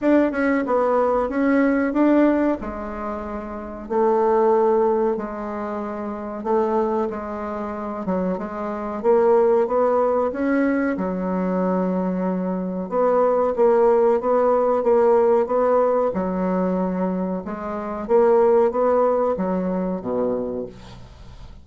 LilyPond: \new Staff \with { instrumentName = "bassoon" } { \time 4/4 \tempo 4 = 93 d'8 cis'8 b4 cis'4 d'4 | gis2 a2 | gis2 a4 gis4~ | gis8 fis8 gis4 ais4 b4 |
cis'4 fis2. | b4 ais4 b4 ais4 | b4 fis2 gis4 | ais4 b4 fis4 b,4 | }